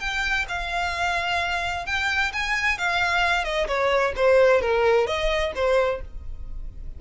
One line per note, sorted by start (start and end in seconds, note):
0.00 0.46 G5
0.49 1.86 F5
1.86 2.32 G5
2.33 2.78 G#5
2.78 3.45 F5
3.45 3.67 D#5
3.68 4.13 C#5
4.16 4.61 C5
4.61 5.07 A#4
5.07 5.53 D#5
5.55 6.01 C5